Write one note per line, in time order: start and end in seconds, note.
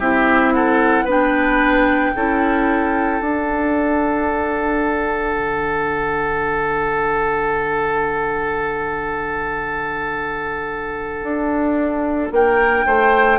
0.00 1.04 C4
0.00 1.08 E4
0.00 0.54 G4
0.00 0.54 E5
0.54 1.05 A4
0.54 1.08 F#5
1.04 2.11 B3
1.04 2.15 D4
1.04 2.12 B4
1.11 3.24 G5
2.16 3.22 C#4
2.16 3.23 E4
2.16 12.34 A4
3.22 5.34 D4
3.22 13.40 D4
3.22 12.34 F#5
5.34 11.23 D3
11.23 12.30 D4
12.32 12.85 A#3
12.32 12.87 A#4
12.32 13.40 G5
12.87 13.40 A3
12.87 13.40 C5